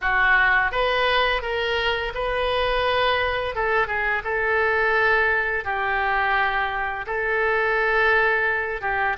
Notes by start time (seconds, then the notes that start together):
0.01 F#4
0.71 B4
1.41 A#4
2.14 B4
3.55 A4
3.87 G#4
4.24 A4
5.64 G4
7.06 A4
8.81 G4